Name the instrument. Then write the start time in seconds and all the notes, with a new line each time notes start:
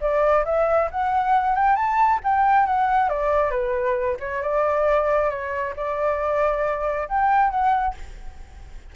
flute
0.00 D5
0.45 E5
0.91 F#5
1.55 G5
1.75 A5
2.23 G5
2.66 F#5
3.08 D5
3.50 B4
4.20 C#5
4.42 D5
5.29 C#5
5.76 D5
7.08 G5
7.50 F#5